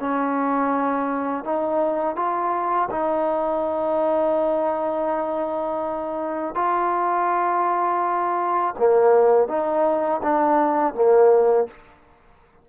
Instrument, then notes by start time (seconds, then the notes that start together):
trombone
0.00 C#4
1.44 D#4
2.16 F4
2.90 D#4
6.55 F4
8.78 A#3
9.48 D#4
10.23 D4
10.94 A#3